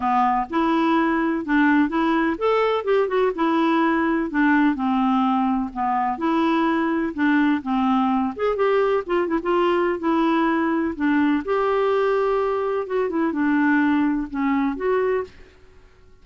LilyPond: \new Staff \with { instrumentName = "clarinet" } { \time 4/4 \tempo 4 = 126 b4 e'2 d'4 | e'4 a'4 g'8 fis'8 e'4~ | e'4 d'4 c'2 | b4 e'2 d'4 |
c'4. gis'8 g'4 f'8 e'16 f'16~ | f'4 e'2 d'4 | g'2. fis'8 e'8 | d'2 cis'4 fis'4 | }